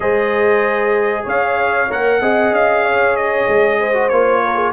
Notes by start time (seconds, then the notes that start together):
0.00 G#3 G#4 C5 D#5
1.23 C#4 C#5 F5
1.90 A#3 A#4 F#5
2.21 C4 G#4 D#5
2.50 C#4 F5
2.84 C#5
3.16 D#5
3.48 G#3
3.79 C5
3.93 F#4
4.09 A#3 F4 C#5
4.45 A#4
4.55 G#4